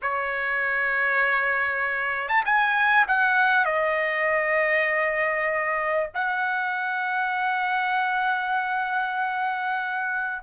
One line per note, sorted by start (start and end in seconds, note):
0.02 2.28 C#5
2.28 2.43 A5
2.45 3.06 G#5
3.07 3.65 F#5
3.65 6.09 D#5
6.14 10.42 F#5